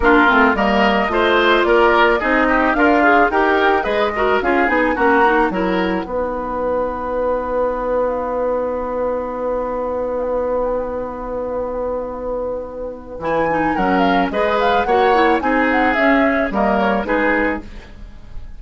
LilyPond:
<<
  \new Staff \with { instrumentName = "flute" } { \time 4/4 \tempo 4 = 109 ais'4 dis''2 d''4 | dis''4 f''4 g''4 dis''4 | f''8 gis''8 ais''4 fis''2~ | fis''1~ |
fis''1~ | fis''1 | gis''4 fis''8 f''8 dis''8 f''8 fis''4 | gis''8 fis''8 e''4 dis''8 cis''8 b'4 | }
  \new Staff \with { instrumentName = "oboe" } { \time 4/4 f'4 ais'4 c''4 ais'4 | gis'8 g'8 f'4 ais'4 b'8 ais'8 | gis'4 fis'4 ais'4 b'4~ | b'1~ |
b'1~ | b'1~ | b'4 ais'4 b'4 cis''4 | gis'2 ais'4 gis'4 | }
  \new Staff \with { instrumentName = "clarinet" } { \time 4/4 d'8 c'8 ais4 f'2 | dis'4 ais'8 gis'8 g'4 gis'8 fis'8 | f'8 dis'8 cis'8 dis'8 e'4 dis'4~ | dis'1~ |
dis'1~ | dis'1 | e'8 dis'8 cis'4 gis'4 fis'8 e'8 | dis'4 cis'4 ais4 dis'4 | }
  \new Staff \with { instrumentName = "bassoon" } { \time 4/4 ais8 a8 g4 a4 ais4 | c'4 d'4 dis'4 gis4 | cis'8 b8 ais4 fis4 b4~ | b1~ |
b1~ | b1 | e4 fis4 gis4 ais4 | c'4 cis'4 g4 gis4 | }
>>